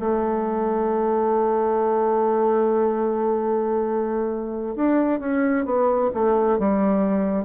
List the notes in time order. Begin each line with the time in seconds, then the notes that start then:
0.00 A3
4.76 D4
5.20 C#4
5.65 B3
6.14 A3
6.59 G3